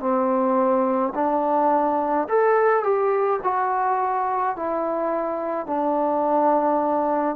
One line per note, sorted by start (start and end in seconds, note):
0.00 1.13 C4
1.14 2.27 D4
2.28 2.83 A4
2.83 3.40 G4
3.43 4.56 F#4
4.56 5.67 E4
5.67 7.36 D4